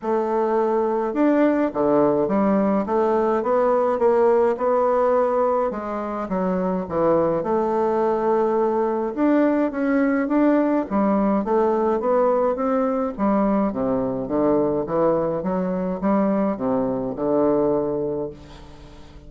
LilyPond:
\new Staff \with { instrumentName = "bassoon" } { \time 4/4 \tempo 4 = 105 a2 d'4 d4 | g4 a4 b4 ais4 | b2 gis4 fis4 | e4 a2. |
d'4 cis'4 d'4 g4 | a4 b4 c'4 g4 | c4 d4 e4 fis4 | g4 c4 d2 | }